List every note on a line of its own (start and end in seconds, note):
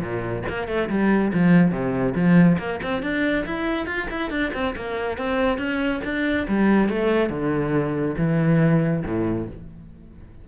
0.00 0.43 A#2
0.49 0.67 A#3
0.67 0.89 A3
0.89 1.32 G3
1.33 1.71 F3
1.71 2.14 C3
2.15 2.58 F3
2.59 2.80 A#3
2.83 3.02 C4
3.02 3.45 D4
3.45 3.86 E4
3.86 4.08 F4
4.10 4.31 E4
4.31 4.52 D4
4.53 4.75 C4
4.76 5.17 A#3
5.17 5.58 C4
5.58 6.01 C#4
6.04 6.47 D4
6.48 6.89 G3
6.89 7.29 A3
7.29 8.15 D3
8.17 9.03 E3
9.05 9.48 A2